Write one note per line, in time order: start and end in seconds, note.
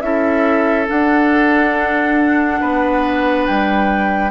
0.00 0.86 C#4
0.00 0.86 E4
0.00 2.60 A4
0.00 0.86 E5
0.86 4.29 D4
0.86 2.61 D4
0.86 3.46 F#5
2.60 3.47 B3
2.60 4.31 B4
3.46 4.31 G3
3.46 4.31 G5